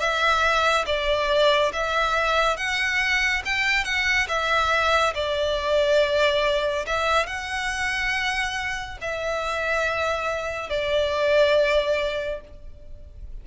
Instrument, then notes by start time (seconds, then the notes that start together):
violin
0.00 E5
0.86 D5
1.73 E5
2.57 F#5
3.46 G5
3.85 F#5
4.29 E5
5.15 D5
6.86 E5
7.27 F#5
9.02 E5
10.70 D5